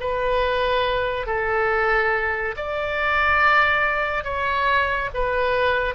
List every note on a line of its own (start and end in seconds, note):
0.00 1.27 B4
1.27 2.55 A4
2.56 4.24 D5
4.24 5.10 C#5
5.14 5.95 B4